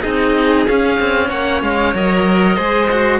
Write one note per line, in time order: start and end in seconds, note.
0.00 0.67 C4
0.00 0.66 D#4
0.00 1.28 G#4
0.00 0.65 D#5
0.67 0.99 C#4
0.67 1.94 C#4
0.67 1.30 F5
0.99 1.30 C4
1.29 1.61 A#3
1.29 2.55 C#5
1.29 1.61 F#5
1.61 1.93 G#3
1.61 1.94 F5
1.94 2.57 F#3
1.94 2.57 A#4
1.94 3.20 D#5
2.55 3.20 G#3
2.55 2.89 G#4
2.55 3.19 C5
2.91 3.20 F#4